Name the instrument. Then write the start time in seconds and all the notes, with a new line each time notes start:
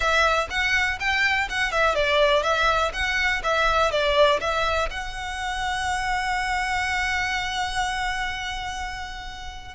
violin
0.00 E5
0.49 F#5
0.99 G5
1.49 F#5
1.71 E5
1.94 D5
2.42 E5
2.93 F#5
3.43 E5
3.91 D5
4.40 E5
4.90 F#5